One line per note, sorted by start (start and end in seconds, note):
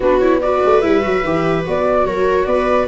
0.00 0.62 B3
0.00 0.21 D4
0.00 0.41 F#4
0.00 0.19 B4
0.19 0.41 E4
0.19 0.39 C#5
0.41 0.82 F#4
0.41 2.06 B4
0.41 0.81 D5
0.64 0.83 A3
0.81 1.04 G3
0.81 1.01 E4
0.81 1.63 E5
1.01 1.23 F#3
1.01 1.22 F#4
1.23 1.64 E3
1.23 1.64 G4
1.64 2.05 B3
1.64 2.87 F#4
1.64 2.05 D5
2.05 2.46 F#3
2.05 2.47 A#4
2.05 2.45 C#5
2.45 2.87 B3
2.45 2.88 B4
2.45 2.86 D5